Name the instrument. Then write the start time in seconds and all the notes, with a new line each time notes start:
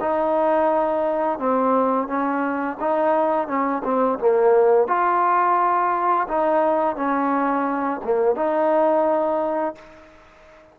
trombone
0.00 D#4
1.39 C4
2.07 C#4
2.80 D#4
3.47 C#4
3.84 C4
4.19 A#3
4.87 F4
6.28 D#4
6.96 C#4
8.04 A#3
8.36 D#4